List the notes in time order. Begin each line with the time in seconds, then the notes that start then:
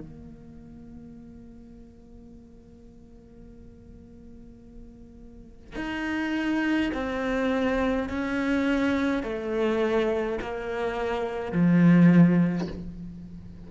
0.00 A#3
5.76 D#4
6.94 C4
8.09 C#4
9.23 A3
10.42 A#3
11.52 F3